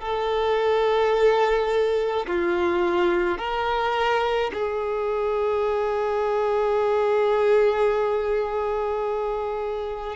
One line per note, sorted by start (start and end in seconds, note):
0.00 2.26 A4
2.26 3.38 F4
3.38 4.51 A#4
4.54 10.16 G#4